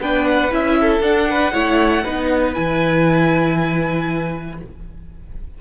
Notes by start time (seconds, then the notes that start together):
0.00 B3 D4 B4 G5
0.27 F#5
0.51 C#4 E4 E5
0.81 A4
1.00 D4 F#5
1.30 B4
1.53 A3 E4 C#5
2.04 B3 D#4 B4
2.54 E3 E4 G#5